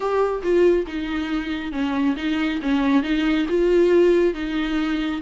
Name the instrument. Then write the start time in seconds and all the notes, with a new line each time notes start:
viola
0.00 G4
0.42 F4
0.87 D#4
1.72 C#4
2.16 D#4
2.62 C#4
3.02 D#4
3.49 F4
4.34 D#4